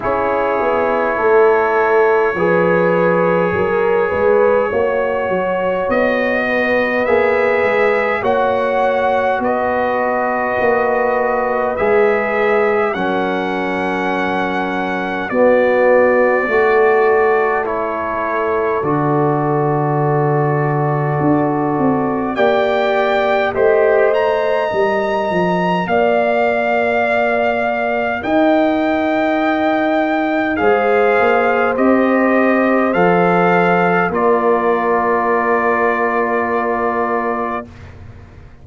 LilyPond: <<
  \new Staff \with { instrumentName = "trumpet" } { \time 4/4 \tempo 4 = 51 cis''1~ | cis''4 dis''4 e''4 fis''4 | dis''2 e''4 fis''4~ | fis''4 d''2 cis''4 |
d''2. g''4 | g'8 ais''4. f''2 | g''2 f''4 dis''4 | f''4 d''2. | }
  \new Staff \with { instrumentName = "horn" } { \time 4/4 gis'4 a'4 b'4 ais'8 b'8 | cis''4. b'4. cis''4 | b'2. ais'4~ | ais'4 fis'4 a'2~ |
a'2. d''4 | dis''2 d''2 | dis''2 c''2~ | c''4 ais'2. | }
  \new Staff \with { instrumentName = "trombone" } { \time 4/4 e'2 gis'2 | fis'2 gis'4 fis'4~ | fis'2 gis'4 cis'4~ | cis'4 b4 fis'4 e'4 |
fis'2. g'4 | c''4 ais'2.~ | ais'2 gis'4 g'4 | a'4 f'2. | }
  \new Staff \with { instrumentName = "tuba" } { \time 4/4 cis'8 b8 a4 f4 fis8 gis8 | ais8 fis8 b4 ais8 gis8 ais4 | b4 ais4 gis4 fis4~ | fis4 b4 a2 |
d2 d'8 c'8 ais4 | a4 g8 f8 ais2 | dis'2 gis8 ais8 c'4 | f4 ais2. | }
>>